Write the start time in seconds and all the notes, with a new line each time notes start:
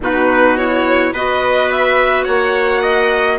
0.00 B2 D#4 F#4 B4
0.56 E4 C#5
1.13 B3 F#4 B4 D#5
1.71 E5
2.24 A#3 C#5 F#5
2.81 D#5